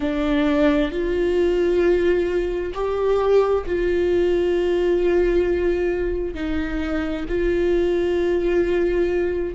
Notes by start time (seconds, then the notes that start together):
0.00 D4
0.91 F4
2.74 G4
3.66 F4
6.34 D#4
7.28 F4